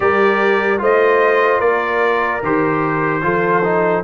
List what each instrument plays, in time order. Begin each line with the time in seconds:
0.00 tuba G3, trombone G4, horn A#4, trumpet D5
0.78 tuba A3, trombone F4, horn C5, trumpet D#5
1.60 tuba A#3, horn A#4, trumpet D5
2.43 tuba D#3, trombone G4, trumpet C5
3.21 tuba F3, trombone F4, horn A4
3.63 trombone D#4